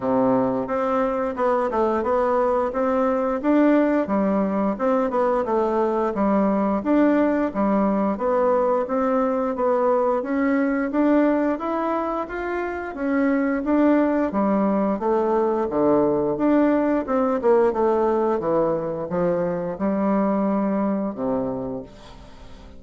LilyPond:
\new Staff \with { instrumentName = "bassoon" } { \time 4/4 \tempo 4 = 88 c4 c'4 b8 a8 b4 | c'4 d'4 g4 c'8 b8 | a4 g4 d'4 g4 | b4 c'4 b4 cis'4 |
d'4 e'4 f'4 cis'4 | d'4 g4 a4 d4 | d'4 c'8 ais8 a4 e4 | f4 g2 c4 | }